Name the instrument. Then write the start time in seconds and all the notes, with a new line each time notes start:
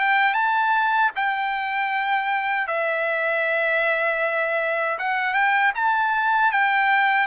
trumpet
0.00 G5
0.34 A5
1.16 G5
2.67 E5
4.99 F#5
5.34 G5
5.75 A5
6.52 G5